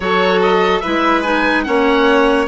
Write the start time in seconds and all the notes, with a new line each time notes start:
0.00 F#3 F#4 A4 C#5
0.41 D#5
0.80 E4 B4 E5
0.86 G#3
1.22 D#4 G#5
1.63 A#3 C#4 C#5 F#5